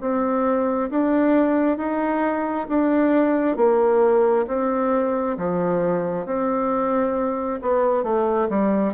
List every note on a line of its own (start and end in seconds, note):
0.00 0.90 C4
0.90 1.77 D4
1.77 2.67 D#4
2.68 3.56 D4
3.56 4.46 A#3
4.47 5.36 C4
5.37 6.25 F3
6.25 7.60 C4
7.61 8.03 B3
8.03 8.48 A3
8.49 8.93 G3